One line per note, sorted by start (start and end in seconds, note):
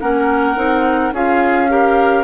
0.00 0.57 A#3
0.00 0.56 C#4
0.00 1.14 A#4
0.00 1.13 F#5
0.56 1.12 C4
0.56 1.12 D#4
1.12 2.24 C#4
1.12 1.69 F4
1.12 1.71 G#4
1.12 2.24 F5
1.69 2.24 G4
1.69 2.24 A#4